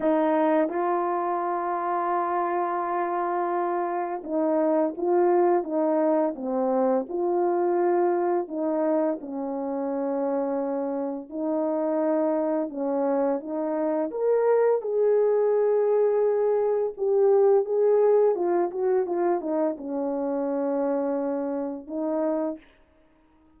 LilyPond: \new Staff \with { instrumentName = "horn" } { \time 4/4 \tempo 4 = 85 dis'4 f'2.~ | f'2 dis'4 f'4 | dis'4 c'4 f'2 | dis'4 cis'2. |
dis'2 cis'4 dis'4 | ais'4 gis'2. | g'4 gis'4 f'8 fis'8 f'8 dis'8 | cis'2. dis'4 | }